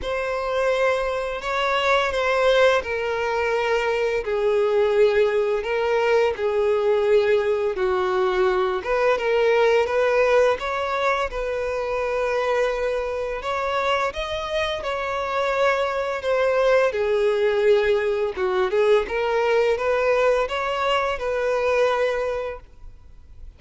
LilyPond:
\new Staff \with { instrumentName = "violin" } { \time 4/4 \tempo 4 = 85 c''2 cis''4 c''4 | ais'2 gis'2 | ais'4 gis'2 fis'4~ | fis'8 b'8 ais'4 b'4 cis''4 |
b'2. cis''4 | dis''4 cis''2 c''4 | gis'2 fis'8 gis'8 ais'4 | b'4 cis''4 b'2 | }